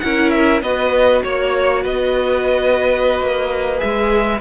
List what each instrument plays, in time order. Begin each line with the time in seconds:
0.00 cello C#4, viola E4, violin A#4 F#5
0.31 violin E5
0.62 cello B3, viola F#4, violin B4 D#5
1.23 cello A#3, violin C#5
1.83 cello B3, violin B4 D#5
3.21 cello A#3
3.77 viola G#4, violin E5
3.84 cello G#3